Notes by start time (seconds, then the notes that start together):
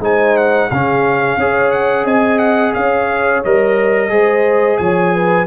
0.00 G#3 D#4 C5 G#5
0.38 F#5
0.71 C#3 C#4 G#4 F5
1.37 C#4 G#4 C#5
1.72 F#5
2.05 C4 D#5 G#5
2.39 F#5
2.74 C#4 C#5 F5
3.45 G3 A#4 D#5
4.10 G#3 G#4 C5
4.78 F3 C#5 G#5
5.14 B4